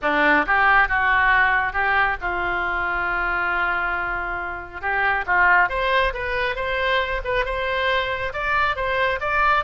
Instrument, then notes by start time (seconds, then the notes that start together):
oboe
0.01 D4
0.46 G4
0.88 F#4
1.73 G4
2.21 F4
4.81 G4
5.26 F4
5.69 C5
6.13 B4
6.55 C5
7.24 B4
7.45 C5
8.33 D5
8.76 C5
9.20 D5